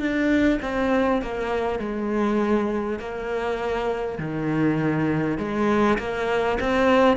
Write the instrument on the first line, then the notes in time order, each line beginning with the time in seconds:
cello
0.00 D4
0.62 C4
1.22 A#3
1.79 G#3
2.99 A#3
4.19 D#3
5.38 G#3
5.99 A#3
6.61 C4